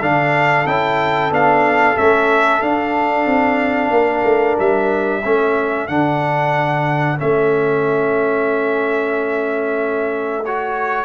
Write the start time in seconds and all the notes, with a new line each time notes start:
0.00 D3 D4 A4 F5
0.66 C#4 E4 G5
1.31 B3 D4 F5
1.97 A3 C#4 E5
2.62 D4 F5
3.26 C4
3.90 A#3 A#4
4.24 A3
4.59 G3 E5
5.22 A3 C#4 A4
5.88 D3 D4 F#5
7.18 A3 C#4 E5
10.45 F#4 C#5